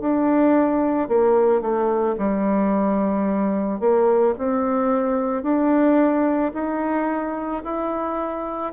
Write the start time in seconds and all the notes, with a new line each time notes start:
0.00 D4
1.08 A#3
1.61 A3
2.18 G3
3.79 A#3
4.37 C4
5.42 D4
6.54 D#4
7.63 E4